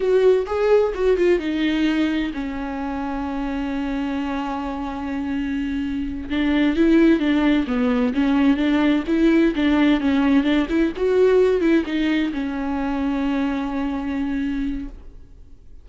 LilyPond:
\new Staff \with { instrumentName = "viola" } { \time 4/4 \tempo 4 = 129 fis'4 gis'4 fis'8 f'8 dis'4~ | dis'4 cis'2.~ | cis'1~ | cis'4. d'4 e'4 d'8~ |
d'8 b4 cis'4 d'4 e'8~ | e'8 d'4 cis'4 d'8 e'8 fis'8~ | fis'4 e'8 dis'4 cis'4.~ | cis'1 | }